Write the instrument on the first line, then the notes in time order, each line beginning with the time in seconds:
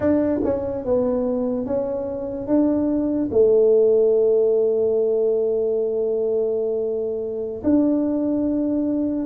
tuba
0.00 D4
0.43 C#4
0.84 B3
1.66 C#4
2.47 D4
3.31 A3
7.63 D4